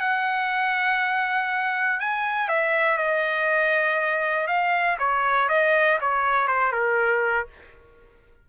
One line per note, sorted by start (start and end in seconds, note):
0.00 2.00 F#5
2.00 2.48 G#5
2.48 2.98 E5
2.98 4.47 D#5
4.47 4.97 F5
4.99 5.49 C#5
5.49 5.99 D#5
6.01 6.47 C#5
6.47 6.72 C5
6.72 7.47 A#4